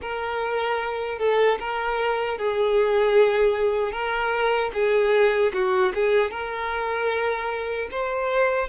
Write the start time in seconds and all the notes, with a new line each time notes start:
0.01 A#4
1.18 A4
1.59 A#4
2.38 G#4
3.92 A#4
4.73 G#4
5.53 F#4
5.94 G#4
6.31 A#4
7.91 C5